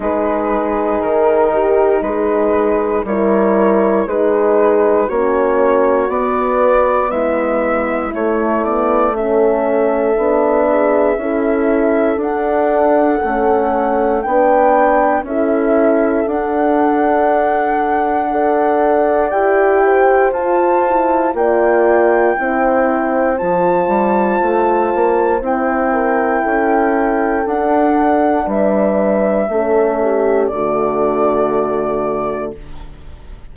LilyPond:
<<
  \new Staff \with { instrumentName = "flute" } { \time 4/4 \tempo 4 = 59 b'4 ais'4 b'4 cis''4 | b'4 cis''4 d''4 e''4 | cis''8 d''8 e''2. | fis''2 g''4 e''4 |
fis''2. g''4 | a''4 g''2 a''4~ | a''4 g''2 fis''4 | e''2 d''2 | }
  \new Staff \with { instrumentName = "horn" } { \time 4/4 gis'4. g'8 gis'4 ais'4 | gis'4 fis'2 e'4~ | e'4 a'4. gis'8 a'4~ | a'2 b'4 a'4~ |
a'2 d''4. c''8~ | c''4 d''4 c''2~ | c''4. ais'8 a'2 | b'4 a'8 g'8 fis'2 | }
  \new Staff \with { instrumentName = "horn" } { \time 4/4 dis'2. e'4 | dis'4 cis'4 b2 | a8 b8 cis'4 d'4 e'4 | d'4 cis'4 d'4 e'4 |
d'2 a'4 g'4 | f'8 e'8 f'4 e'4 f'4~ | f'4 e'2 d'4~ | d'4 cis'4 a2 | }
  \new Staff \with { instrumentName = "bassoon" } { \time 4/4 gis4 dis4 gis4 g4 | gis4 ais4 b4 gis4 | a2 b4 cis'4 | d'4 a4 b4 cis'4 |
d'2. e'4 | f'4 ais4 c'4 f8 g8 | a8 ais8 c'4 cis'4 d'4 | g4 a4 d2 | }
>>